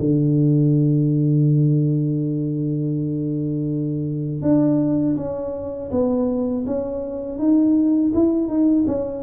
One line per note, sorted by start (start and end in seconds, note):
0.00 4.42 D3
4.42 5.16 D4
5.17 5.91 C#4
5.91 6.65 B3
6.67 7.38 C#4
7.38 8.12 D#4
8.14 8.48 E4
8.48 8.85 D#4
8.87 9.23 C#4